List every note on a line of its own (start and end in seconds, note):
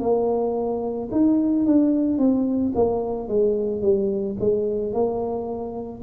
0.00 1.09 A#3
1.12 1.66 D#4
1.66 2.18 D4
2.18 2.73 C4
2.75 3.29 A#3
3.29 3.82 G#3
3.82 4.37 G3
4.40 4.93 G#3
4.93 6.02 A#3